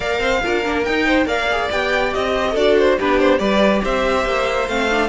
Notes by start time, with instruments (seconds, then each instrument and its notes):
0.00 cello A#3, viola A#4, violin D5 F5
0.19 cello C4, violin C5
0.43 cello D4, viola F4, violin A#4
0.64 cello A#3, viola D4
0.84 viola D#4, cello D#4, violin G5
1.06 violin C5
1.25 cello A#3, viola A#4, violin D5 F5
1.51 viola G#4
1.71 cello B3, viola G4, violin G5
2.13 cello C4, violin D#5
2.36 violin C5
2.49 cello D4, violin A4 A#4
2.56 viola F#4, violin D5
2.78 violin C5
2.97 cello B3, viola D4, violin G4 B4
3.19 violin C5
3.38 cello G3, viola G4, violin B4 D5
3.83 cello C4, violin C5 E5
4.25 cello A#3
4.68 cello A3, viola C4, violin F5
4.90 viola D4